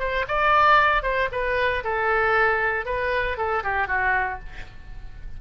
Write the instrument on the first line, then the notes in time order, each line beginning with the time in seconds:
oboe
0.00 C5
0.28 D5
1.03 C5
1.32 B4
1.84 A4
2.86 B4
3.38 A4
3.64 G4
3.88 F#4